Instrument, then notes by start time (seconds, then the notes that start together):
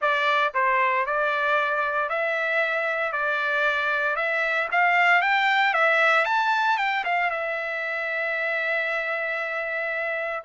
trumpet
0.01 D5
0.54 C5
1.06 D5
2.09 E5
3.12 D5
4.16 E5
4.71 F5
5.21 G5
5.73 E5
6.25 A5
6.77 G5
7.04 F5
7.30 E5